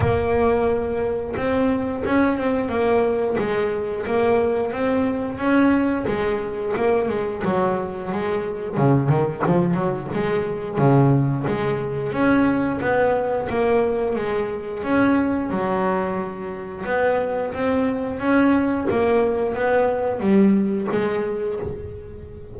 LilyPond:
\new Staff \with { instrumentName = "double bass" } { \time 4/4 \tempo 4 = 89 ais2 c'4 cis'8 c'8 | ais4 gis4 ais4 c'4 | cis'4 gis4 ais8 gis8 fis4 | gis4 cis8 dis8 f8 fis8 gis4 |
cis4 gis4 cis'4 b4 | ais4 gis4 cis'4 fis4~ | fis4 b4 c'4 cis'4 | ais4 b4 g4 gis4 | }